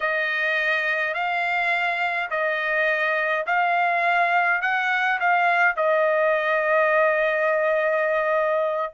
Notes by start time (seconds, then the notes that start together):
0.00 D#5
1.14 F5
2.30 D#5
3.46 F5
4.61 F#5
5.19 F5
5.76 D#5